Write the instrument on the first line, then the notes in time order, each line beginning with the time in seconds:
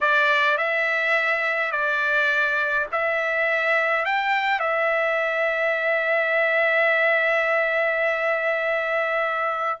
trumpet
0.00 D5
0.57 E5
1.71 D5
2.91 E5
4.05 G5
4.59 E5